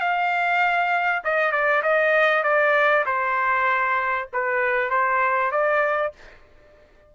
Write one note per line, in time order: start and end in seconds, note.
0.00 1.22 F5
1.24 1.51 D#5
1.51 1.82 D5
1.82 2.43 D#5
2.43 3.04 D5
3.06 4.28 C5
4.32 4.90 B4
4.90 5.51 C5
5.51 6.12 D5